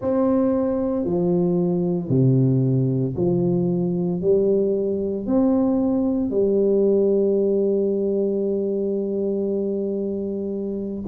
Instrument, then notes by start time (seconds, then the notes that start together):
tuba
0.00 C4
1.04 F3
2.09 C3
3.16 F3
4.21 G3
5.26 C4
6.30 G3